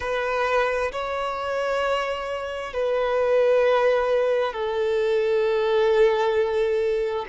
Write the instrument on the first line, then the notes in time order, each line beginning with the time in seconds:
violin
0.00 B4
0.91 C#5
2.73 B4
4.52 A4